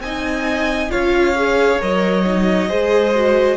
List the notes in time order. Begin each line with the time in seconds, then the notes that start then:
0.00 C4 D#4 D#5 G#5
0.90 C#4 F4 C#5 F5
1.36 G#4
1.80 F#3 A#4 D#5
2.25 D#4
2.68 G#3 G#4 C5
3.15 F#4